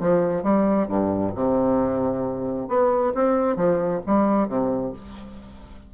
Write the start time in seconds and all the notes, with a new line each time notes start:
0.00 F3
0.44 G3
0.88 G2
1.36 C3
2.69 B3
3.15 C4
3.56 F3
4.06 G3
4.48 C3